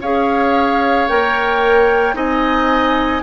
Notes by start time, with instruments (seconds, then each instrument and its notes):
0.00 bassoon C#4, clarinet G#4, oboe C#5, flute F5
1.08 bassoon A#3, clarinet A#4, flute G5
2.14 bassoon C4, clarinet D#4, oboe D#5, flute G#5